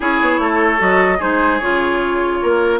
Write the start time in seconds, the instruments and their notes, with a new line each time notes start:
0.00 bassoon C#4, clarinet E4, oboe G#4, flute C#5
0.21 bassoon B3
0.38 bassoon A3, oboe A4
0.78 bassoon F#3, clarinet F#4, flute D#5
1.18 bassoon G#3, clarinet D#4, oboe G#4, flute C5
1.59 bassoon C#3, clarinet F4, flute C#5
2.42 bassoon A#3, oboe A#4